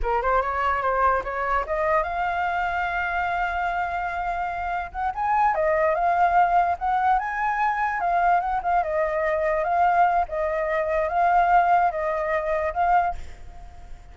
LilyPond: \new Staff \with { instrumentName = "flute" } { \time 4/4 \tempo 4 = 146 ais'8 c''8 cis''4 c''4 cis''4 | dis''4 f''2.~ | f''1 | fis''8 gis''4 dis''4 f''4.~ |
f''8 fis''4 gis''2 f''8~ | f''8 fis''8 f''8 dis''2 f''8~ | f''4 dis''2 f''4~ | f''4 dis''2 f''4 | }